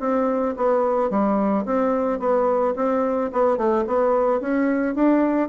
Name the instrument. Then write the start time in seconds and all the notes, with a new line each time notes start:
bassoon
0.00 C4
0.57 B3
1.10 G3
1.65 C4
2.19 B3
2.75 C4
3.33 B3
3.57 A3
3.87 B3
4.41 C#4
4.95 D4